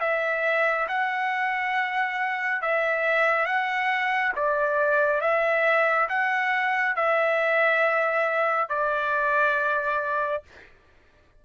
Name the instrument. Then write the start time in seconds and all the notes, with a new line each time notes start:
trumpet
0.00 E5
0.88 F#5
2.62 E5
3.46 F#5
4.36 D5
5.21 E5
6.09 F#5
6.96 E5
8.69 D5